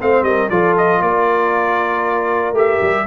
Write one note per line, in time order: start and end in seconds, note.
0.00 0.22 A3
0.00 0.50 C4
0.00 0.26 C5
0.00 0.23 F5
0.22 0.48 G3
0.22 0.50 A#4
0.22 0.49 D#5
0.49 1.01 F3
0.49 2.54 F4
0.49 1.01 A4
0.49 0.75 D5
0.77 1.02 D#5
1.01 2.53 A#3
1.01 3.06 A#4
1.01 2.56 D5
2.53 2.78 A3
2.53 3.06 G4
2.53 3.07 E5
2.82 3.07 G3